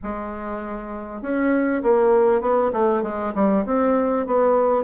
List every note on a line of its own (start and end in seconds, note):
0.03 1.21 G#3
1.21 1.82 C#4
1.83 2.41 A#3
2.41 2.71 B3
2.72 3.02 A3
3.02 3.33 G#3
3.35 3.65 G3
3.65 4.26 C4
4.26 4.83 B3